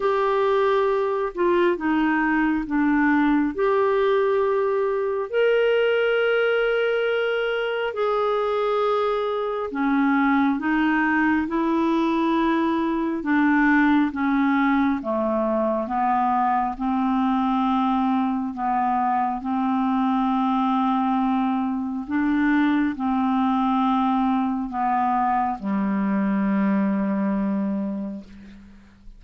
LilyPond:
\new Staff \with { instrumentName = "clarinet" } { \time 4/4 \tempo 4 = 68 g'4. f'8 dis'4 d'4 | g'2 ais'2~ | ais'4 gis'2 cis'4 | dis'4 e'2 d'4 |
cis'4 a4 b4 c'4~ | c'4 b4 c'2~ | c'4 d'4 c'2 | b4 g2. | }